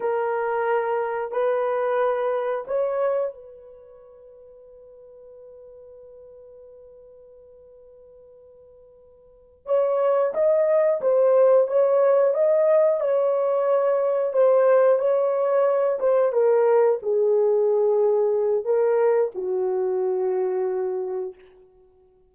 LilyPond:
\new Staff \with { instrumentName = "horn" } { \time 4/4 \tempo 4 = 90 ais'2 b'2 | cis''4 b'2.~ | b'1~ | b'2~ b'8 cis''4 dis''8~ |
dis''8 c''4 cis''4 dis''4 cis''8~ | cis''4. c''4 cis''4. | c''8 ais'4 gis'2~ gis'8 | ais'4 fis'2. | }